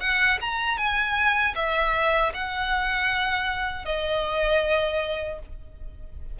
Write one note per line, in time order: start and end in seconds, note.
0.00 0.38 F#5
0.40 0.77 A#5
0.77 1.54 G#5
1.55 2.32 E5
2.34 3.85 F#5
3.85 5.39 D#5